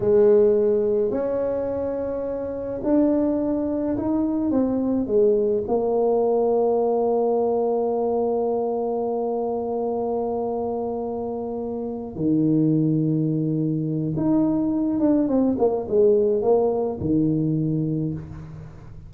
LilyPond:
\new Staff \with { instrumentName = "tuba" } { \time 4/4 \tempo 4 = 106 gis2 cis'2~ | cis'4 d'2 dis'4 | c'4 gis4 ais2~ | ais1~ |
ais1~ | ais4. dis2~ dis8~ | dis4 dis'4. d'8 c'8 ais8 | gis4 ais4 dis2 | }